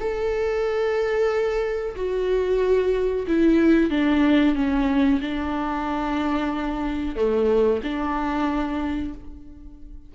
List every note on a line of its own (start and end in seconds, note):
0.00 1.96 A4
1.96 3.26 F#4
3.28 3.91 E4
3.91 4.56 D4
4.56 5.21 C#4
5.21 7.16 D4
7.16 7.81 A3
7.84 9.15 D4